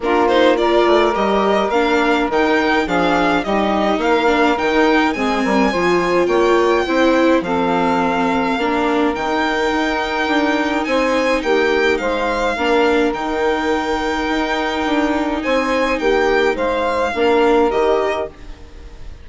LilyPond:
<<
  \new Staff \with { instrumentName = "violin" } { \time 4/4 \tempo 4 = 105 ais'8 c''8 d''4 dis''4 f''4 | g''4 f''4 dis''4 f''4 | g''4 gis''2 g''4~ | g''4 f''2. |
g''2. gis''4 | g''4 f''2 g''4~ | g''2. gis''4 | g''4 f''2 dis''4 | }
  \new Staff \with { instrumentName = "saxophone" } { \time 4/4 f'4 ais'2.~ | ais'4 gis'4 g'4 ais'4~ | ais'4 gis'8 ais'8 c''4 cis''4 | c''4 a'2 ais'4~ |
ais'2. c''4 | g'4 c''4 ais'2~ | ais'2. c''4 | g'4 c''4 ais'2 | }
  \new Staff \with { instrumentName = "viola" } { \time 4/4 d'8 dis'8 f'4 g'4 d'4 | dis'4 d'4 dis'4. d'8 | dis'4 c'4 f'2 | e'4 c'2 d'4 |
dis'1~ | dis'2 d'4 dis'4~ | dis'1~ | dis'2 d'4 g'4 | }
  \new Staff \with { instrumentName = "bassoon" } { \time 4/4 ais4. a8 g4 ais4 | dis4 f4 g4 ais4 | dis4 gis8 g8 f4 ais4 | c'4 f2 ais4 |
dis4 dis'4 d'4 c'4 | ais4 gis4 ais4 dis4~ | dis4 dis'4 d'4 c'4 | ais4 gis4 ais4 dis4 | }
>>